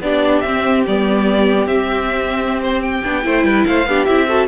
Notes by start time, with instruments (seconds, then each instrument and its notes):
0.00 cello B3, viola D4, violin G4 D5
0.40 viola C4, cello C4, violin E5
0.86 cello G3, viola B3, violin D5
1.67 cello C4, viola C4, violin E5
2.62 violin C5
2.82 violin G5
3.03 cello B3, viola D4
3.22 cello A3, viola E4, violin C5
3.43 cello G3, violin B4
3.65 cello A3, violin C5 F5
3.86 cello B3, viola D4, violin G4
4.04 cello C4, viola E4, violin E5
4.28 viola F#4, violin A4